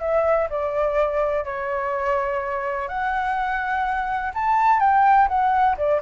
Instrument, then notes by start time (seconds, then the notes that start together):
flute
0.00 E5
0.50 D5
1.44 C#5
2.88 F#5
4.34 A5
4.80 G5
5.28 F#5
5.77 D5